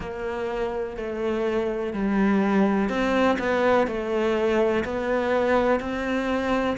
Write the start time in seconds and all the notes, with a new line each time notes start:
0.00 A#3
0.97 A3
1.93 G3
2.89 C4
3.38 B3
3.87 A3
4.84 B3
5.80 C4